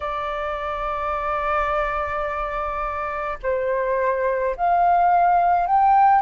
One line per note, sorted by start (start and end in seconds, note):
0.00 3.38 D5
3.42 4.55 C5
4.56 5.66 F5
5.66 6.21 G5